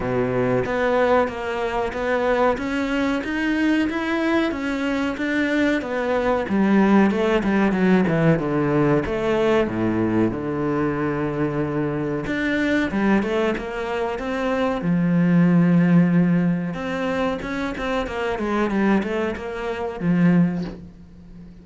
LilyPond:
\new Staff \with { instrumentName = "cello" } { \time 4/4 \tempo 4 = 93 b,4 b4 ais4 b4 | cis'4 dis'4 e'4 cis'4 | d'4 b4 g4 a8 g8 | fis8 e8 d4 a4 a,4 |
d2. d'4 | g8 a8 ais4 c'4 f4~ | f2 c'4 cis'8 c'8 | ais8 gis8 g8 a8 ais4 f4 | }